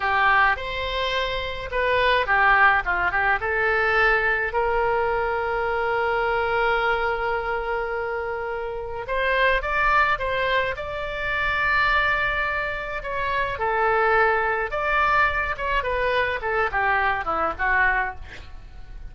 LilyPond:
\new Staff \with { instrumentName = "oboe" } { \time 4/4 \tempo 4 = 106 g'4 c''2 b'4 | g'4 f'8 g'8 a'2 | ais'1~ | ais'1 |
c''4 d''4 c''4 d''4~ | d''2. cis''4 | a'2 d''4. cis''8 | b'4 a'8 g'4 e'8 fis'4 | }